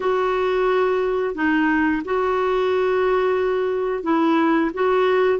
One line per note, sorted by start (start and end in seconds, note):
0.00 1.34 F#4
1.35 2.02 D#4
2.04 4.03 F#4
4.03 4.70 E4
4.73 5.39 F#4